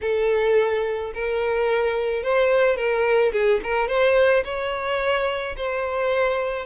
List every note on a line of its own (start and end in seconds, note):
0.01 1.12 A4
1.14 2.23 A#4
2.23 2.76 C5
2.76 3.32 A#4
3.32 3.60 G#4
3.63 3.87 A#4
3.87 4.43 C5
4.44 5.55 C#5
5.56 6.65 C5